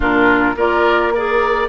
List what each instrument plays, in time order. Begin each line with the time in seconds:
0.00 bassoon A#2, clarinet D4, oboe F4, flute A#4
0.56 bassoon A#3, clarinet F4, oboe A#4, flute D5
1.11 clarinet G#4, flute A#4, oboe D5